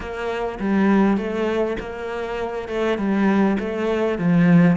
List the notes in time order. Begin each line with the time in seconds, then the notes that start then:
0.00 A#3
0.59 G3
1.17 A3
1.80 A#3
2.68 A3
2.98 G3
3.59 A3
4.18 F3